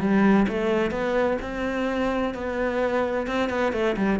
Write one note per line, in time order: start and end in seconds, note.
0.00 0.47 G3
0.48 0.91 A3
0.91 1.37 B3
1.42 2.34 C4
2.34 3.27 B3
3.27 3.49 C4
3.49 3.73 B3
3.73 3.96 A3
3.97 4.19 G3